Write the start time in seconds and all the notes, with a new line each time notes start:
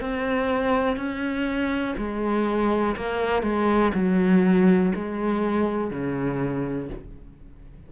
0.00 C4
0.96 C#4
1.97 G#3
2.96 A#3
3.42 G#3
3.94 F#3
4.94 G#3
5.90 C#3